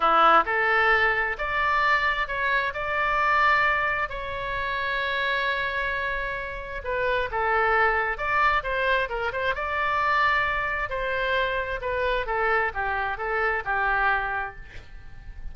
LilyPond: \new Staff \with { instrumentName = "oboe" } { \time 4/4 \tempo 4 = 132 e'4 a'2 d''4~ | d''4 cis''4 d''2~ | d''4 cis''2.~ | cis''2. b'4 |
a'2 d''4 c''4 | ais'8 c''8 d''2. | c''2 b'4 a'4 | g'4 a'4 g'2 | }